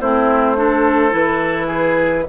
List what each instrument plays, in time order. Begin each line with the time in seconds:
0.00 bassoon A3, clarinet C4, oboe E4, flute C5
0.56 clarinet D4, oboe A4
1.11 bassoon E3, clarinet E4, flute B4
1.67 oboe G#4